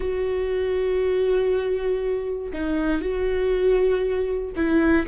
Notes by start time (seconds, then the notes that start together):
0.00 F#4
2.52 D#4
3.01 F#4
4.56 E4